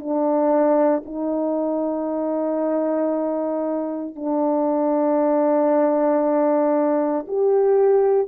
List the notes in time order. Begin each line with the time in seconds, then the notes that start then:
0.00 D4
1.06 D#4
4.16 D4
7.28 G4